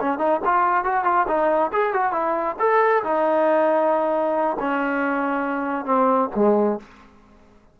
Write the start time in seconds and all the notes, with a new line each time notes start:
0.00 C#4
0.18 D#4
0.44 F4
0.84 F#4
1.04 F4
1.27 D#4
1.72 G#4
1.93 F#4
2.12 E4
2.59 A4
3.03 D#4
4.59 C#4
5.85 C4
6.35 G#3